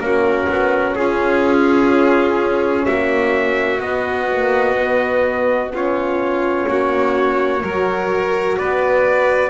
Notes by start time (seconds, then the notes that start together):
0.00 A#3 C#4 F#4 A#4
0.48 B3
0.95 C#4 F4 G#4
2.86 A#3 F#4 E5
3.80 B3 D#5
4.32 A#3
4.75 B3
5.71 C#4 F4 C#5
6.68 A#3 F#4
7.62 F#3 F#4 A#4
8.58 B3 B4 D5